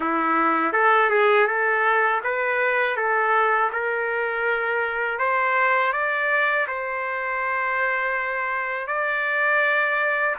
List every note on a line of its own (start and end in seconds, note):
0.00 0.72 E4
0.72 1.09 A4
1.10 1.46 G#4
1.46 2.21 A4
2.23 2.96 B4
2.96 3.70 A4
3.72 5.19 A#4
5.19 5.92 C5
5.92 6.66 D5
6.67 8.87 C5
8.87 10.35 D5